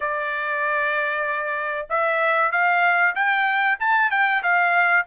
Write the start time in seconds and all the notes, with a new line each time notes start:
0.00 D5
1.89 E5
2.51 F5
3.15 G5
3.79 A5
4.10 G5
4.42 F5